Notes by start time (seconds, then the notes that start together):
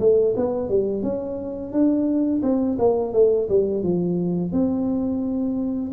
0.00 A3
0.37 B3
0.69 G3
1.03 C#4
1.73 D4
2.43 C4
2.79 A#3
3.14 A3
3.49 G3
3.83 F3
4.53 C4